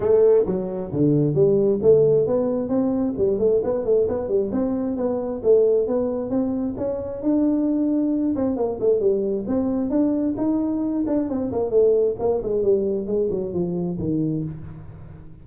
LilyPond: \new Staff \with { instrumentName = "tuba" } { \time 4/4 \tempo 4 = 133 a4 fis4 d4 g4 | a4 b4 c'4 g8 a8 | b8 a8 b8 g8 c'4 b4 | a4 b4 c'4 cis'4 |
d'2~ d'8 c'8 ais8 a8 | g4 c'4 d'4 dis'4~ | dis'8 d'8 c'8 ais8 a4 ais8 gis8 | g4 gis8 fis8 f4 dis4 | }